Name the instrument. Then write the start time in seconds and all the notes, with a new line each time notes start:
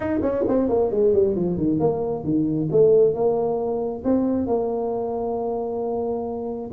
tuba
0.00 D#4
0.22 C#4
0.48 C4
0.69 A#3
0.91 G#3
1.13 G3
1.35 F3
1.57 D#3
1.79 A#3
2.24 D#3
2.71 A3
3.13 A#3
4.04 C4
4.47 A#3